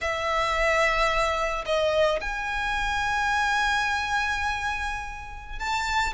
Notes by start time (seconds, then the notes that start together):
0.01 E5
1.65 D#5
2.20 G#5
5.59 A5